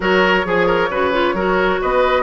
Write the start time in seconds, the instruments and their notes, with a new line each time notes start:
0.00 bassoon F#3, clarinet F#4, oboe A#4, flute C#5
0.44 bassoon F3, clarinet G#4, oboe G#4
0.66 oboe A#4
0.90 bassoon C#3, clarinet F#4, oboe B4
1.12 clarinet F4
1.33 bassoon F#3, clarinet F#4, oboe A#4
1.81 bassoon B3, oboe B4, flute D#5